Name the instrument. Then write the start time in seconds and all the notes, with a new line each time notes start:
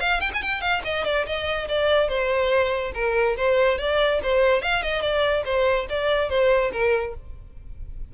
violin
0.00 F5
0.21 G5
0.34 G#5
0.42 G5
0.61 F5
0.84 D#5
1.05 D5
1.26 D#5
1.68 D5
2.08 C5
2.94 A#4
3.37 C5
3.78 D5
4.23 C5
4.62 F5
4.83 D#5
5.02 D5
5.45 C5
5.90 D5
6.29 C5
6.72 A#4